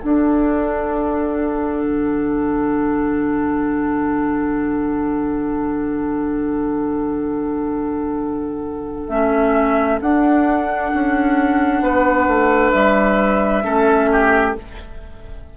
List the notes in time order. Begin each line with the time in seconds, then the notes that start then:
0.00 D4 A4 F#5
1.83 D3
9.08 A3 C#4 E5
10.01 D4 F#5
10.94 C#4
11.81 B3 B4
12.27 A3
12.72 G3 E5
13.63 A3 C#4 A4
14.12 G4